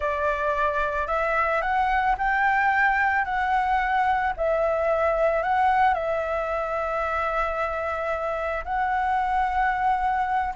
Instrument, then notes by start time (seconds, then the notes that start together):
flute
0.00 D5
1.07 E5
1.61 F#5
2.17 G5
3.25 F#5
4.36 E5
5.43 F#5
5.94 E5
8.64 F#5